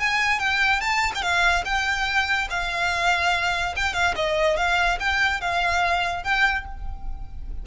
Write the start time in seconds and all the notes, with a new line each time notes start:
0.00 G#5
0.40 G5
0.81 A5
1.15 G5
1.23 F5
1.65 G5
2.51 F5
3.77 G5
3.94 F5
4.16 D#5
4.57 F5
5.00 G5
5.41 F5
6.24 G5